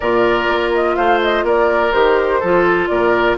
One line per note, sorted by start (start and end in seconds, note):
0.00 0.48 A#2
0.00 1.92 F4
0.00 0.95 A#4
0.00 0.72 D5
0.48 0.96 A#3
0.74 0.95 D#5
0.95 1.43 A3
0.95 1.44 C5
0.95 1.20 F5
1.22 1.46 D#5
1.43 1.91 A#3
1.43 2.40 A#4
1.43 1.92 D5
1.92 2.42 D#3
1.92 2.41 G4
1.92 2.87 C5
2.40 2.89 F3
2.40 3.37 F4
2.40 2.88 A4
2.87 3.37 A#2
2.87 3.37 A#4
2.87 3.36 D5